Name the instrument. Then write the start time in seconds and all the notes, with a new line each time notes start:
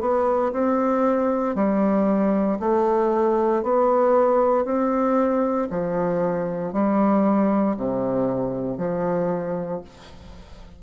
bassoon
0.00 B3
0.52 C4
1.55 G3
2.60 A3
3.63 B3
4.65 C4
5.70 F3
6.73 G3
7.77 C3
8.78 F3